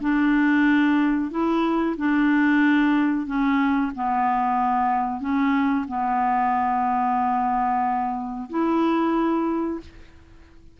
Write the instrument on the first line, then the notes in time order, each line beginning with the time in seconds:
clarinet
0.00 D4
1.31 E4
1.97 D4
3.26 C#4
3.95 B3
5.20 C#4
5.88 B3
8.50 E4